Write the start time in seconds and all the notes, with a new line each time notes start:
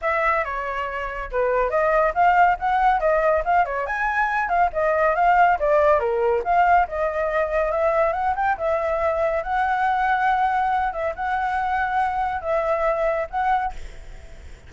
0.01 E5
0.44 C#5
1.31 B4
1.70 D#5
2.14 F5
2.59 F#5
3.00 D#5
3.44 F5
3.65 C#5
3.86 G#5
4.48 F5
4.73 D#5
5.15 F5
5.59 D5
5.99 A#4
6.44 F5
6.87 D#5
7.71 E5
8.13 F#5
8.35 G5
8.57 E5
9.43 F#5
10.92 E5
11.15 F#5
12.41 E5
13.30 F#5